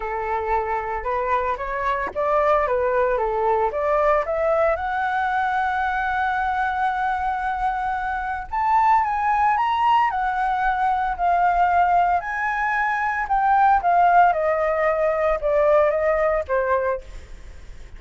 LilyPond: \new Staff \with { instrumentName = "flute" } { \time 4/4 \tempo 4 = 113 a'2 b'4 cis''4 | d''4 b'4 a'4 d''4 | e''4 fis''2.~ | fis''1 |
a''4 gis''4 ais''4 fis''4~ | fis''4 f''2 gis''4~ | gis''4 g''4 f''4 dis''4~ | dis''4 d''4 dis''4 c''4 | }